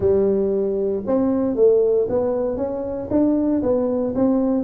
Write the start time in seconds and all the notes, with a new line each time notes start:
0.00 G3
1.06 C4
1.55 A3
2.09 B3
2.57 C#4
3.10 D4
3.62 B3
4.15 C4